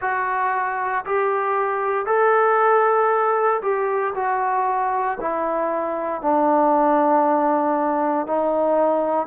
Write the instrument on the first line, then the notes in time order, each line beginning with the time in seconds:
trombone
0.01 F#4
1.05 G4
2.05 A4
3.62 G4
4.14 F#4
5.20 E4
6.21 D4
8.27 D#4